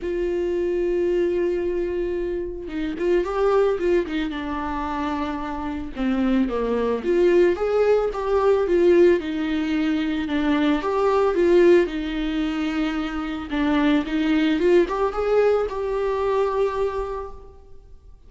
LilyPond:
\new Staff \with { instrumentName = "viola" } { \time 4/4 \tempo 4 = 111 f'1~ | f'4 dis'8 f'8 g'4 f'8 dis'8 | d'2. c'4 | ais4 f'4 gis'4 g'4 |
f'4 dis'2 d'4 | g'4 f'4 dis'2~ | dis'4 d'4 dis'4 f'8 g'8 | gis'4 g'2. | }